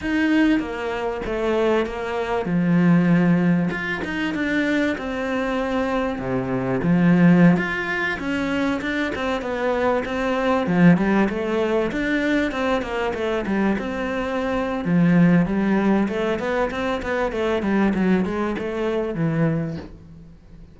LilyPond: \new Staff \with { instrumentName = "cello" } { \time 4/4 \tempo 4 = 97 dis'4 ais4 a4 ais4 | f2 f'8 dis'8 d'4 | c'2 c4 f4~ | f16 f'4 cis'4 d'8 c'8 b8.~ |
b16 c'4 f8 g8 a4 d'8.~ | d'16 c'8 ais8 a8 g8 c'4.~ c'16 | f4 g4 a8 b8 c'8 b8 | a8 g8 fis8 gis8 a4 e4 | }